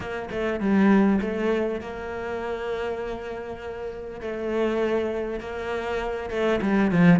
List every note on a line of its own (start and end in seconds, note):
0.00 0.28 A#3
0.31 0.60 A3
0.60 1.20 G3
1.21 1.80 A3
1.80 4.20 A#3
4.20 5.40 A3
5.40 6.30 A#3
6.30 6.60 A3
6.61 6.91 G3
6.91 7.19 F3